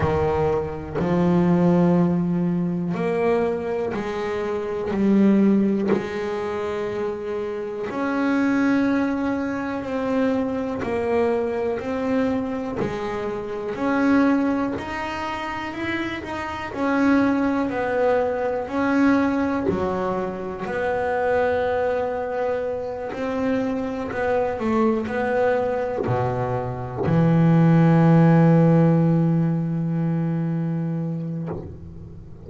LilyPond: \new Staff \with { instrumentName = "double bass" } { \time 4/4 \tempo 4 = 61 dis4 f2 ais4 | gis4 g4 gis2 | cis'2 c'4 ais4 | c'4 gis4 cis'4 dis'4 |
e'8 dis'8 cis'4 b4 cis'4 | fis4 b2~ b8 c'8~ | c'8 b8 a8 b4 b,4 e8~ | e1 | }